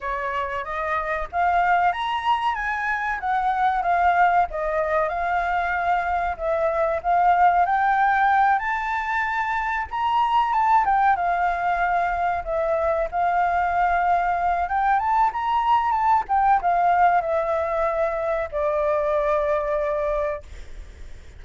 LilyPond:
\new Staff \with { instrumentName = "flute" } { \time 4/4 \tempo 4 = 94 cis''4 dis''4 f''4 ais''4 | gis''4 fis''4 f''4 dis''4 | f''2 e''4 f''4 | g''4. a''2 ais''8~ |
ais''8 a''8 g''8 f''2 e''8~ | e''8 f''2~ f''8 g''8 a''8 | ais''4 a''8 g''8 f''4 e''4~ | e''4 d''2. | }